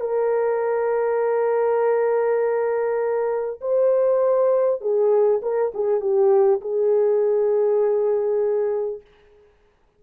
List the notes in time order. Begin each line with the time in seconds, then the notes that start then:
0.00 A#4
3.61 C5
4.81 G#4
5.42 A#4
5.74 G#4
6.01 G4
6.61 G#4